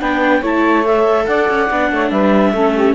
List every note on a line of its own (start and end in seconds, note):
0.00 0.42 B3
0.00 0.42 D4
0.00 0.40 B4
0.00 0.43 G5
0.40 1.26 A3
0.40 0.85 E4
0.40 1.24 C#5
0.40 0.86 A5
0.85 1.69 A4
0.85 1.26 E5
1.26 1.48 D4
1.26 1.92 D5
1.26 2.10 F#5
1.49 1.70 C#4
1.71 1.91 B3
1.71 2.55 D4
1.91 2.11 A3
1.91 2.11 C#5
2.10 2.53 G3
2.10 2.53 B4
2.10 2.95 E5
2.53 2.95 A3
2.53 2.95 C#4
2.53 2.74 A4
2.74 2.95 G4